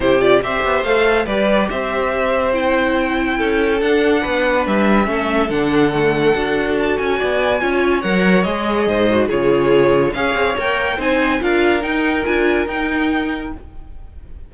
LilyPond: <<
  \new Staff \with { instrumentName = "violin" } { \time 4/4 \tempo 4 = 142 c''8 d''8 e''4 f''4 d''4 | e''2 g''2~ | g''4 fis''2 e''4~ | e''4 fis''2. |
a''8 gis''2~ gis''8 fis''4 | dis''2 cis''2 | f''4 g''4 gis''4 f''4 | g''4 gis''4 g''2 | }
  \new Staff \with { instrumentName = "violin" } { \time 4/4 g'4 c''2 b'4 | c''1 | a'2 b'2 | a'1~ |
a'4 d''4 cis''2~ | cis''4 c''4 gis'2 | cis''2 c''4 ais'4~ | ais'1 | }
  \new Staff \with { instrumentName = "viola" } { \time 4/4 e'8 f'8 g'4 a'4 g'4~ | g'2 e'2~ | e'4 d'2. | cis'4 d'4 a4 fis'4~ |
fis'2 f'4 ais'4 | gis'4. fis'8 f'2 | gis'4 ais'4 dis'4 f'4 | dis'4 f'4 dis'2 | }
  \new Staff \with { instrumentName = "cello" } { \time 4/4 c4 c'8 b8 a4 g4 | c'1 | cis'4 d'4 b4 g4 | a4 d2 d'4~ |
d'8 cis'8 b4 cis'4 fis4 | gis4 gis,4 cis2 | cis'8 c'8 ais4 c'4 d'4 | dis'4 d'4 dis'2 | }
>>